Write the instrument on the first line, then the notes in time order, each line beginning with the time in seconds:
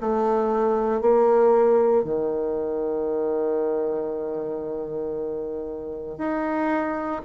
bassoon
0.00 A3
1.01 A#3
2.04 D#3
6.18 D#4